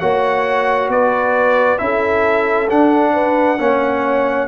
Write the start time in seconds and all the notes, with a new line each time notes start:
0.00 A#3 F#4 C#5 F#5
0.89 B3 B4 D5
1.79 C#4 E4 A4 E5
2.69 D4 F#5
3.14 B4
3.59 A#3 C#4 C#5